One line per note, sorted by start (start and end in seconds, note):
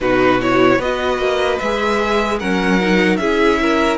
0.00 0.79 B2
0.00 0.40 D#4
0.00 0.78 F#4
0.00 0.40 B4
0.40 0.80 E4
0.40 0.81 C#5
0.78 1.18 B3
0.78 1.60 F#4
0.78 2.38 B4
0.78 1.59 D#5
1.18 1.58 A#3
1.59 2.41 G#3
1.59 2.41 G#4
1.59 2.39 E5
2.39 3.17 F#3
2.39 2.80 C#4
2.39 3.19 A#4
2.39 3.17 F#5
2.80 3.20 D#4
3.17 3.97 C#4
3.17 3.98 E4
3.17 3.60 G#4
3.17 3.97 E5
3.62 3.98 A#4